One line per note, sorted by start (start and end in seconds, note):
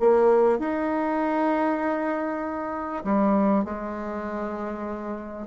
0.00 0.59 A#3
0.59 3.04 D#4
3.04 3.65 G3
3.65 5.47 G#3